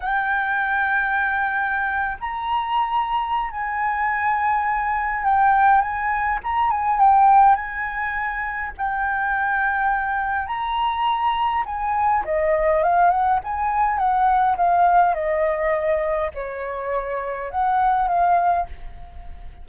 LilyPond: \new Staff \with { instrumentName = "flute" } { \time 4/4 \tempo 4 = 103 g''2.~ g''8. ais''16~ | ais''2 gis''2~ | gis''4 g''4 gis''4 ais''8 gis''8 | g''4 gis''2 g''4~ |
g''2 ais''2 | gis''4 dis''4 f''8 fis''8 gis''4 | fis''4 f''4 dis''2 | cis''2 fis''4 f''4 | }